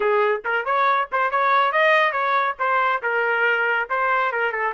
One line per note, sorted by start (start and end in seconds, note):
0.00 0.42 G#4
0.44 0.65 A#4
0.65 1.08 C#5
1.12 1.31 C5
1.31 1.71 C#5
1.71 2.12 D#5
2.12 2.55 C#5
2.59 3.02 C5
3.02 3.88 A#4
3.89 4.32 C5
4.32 4.51 A#4
4.51 4.73 A4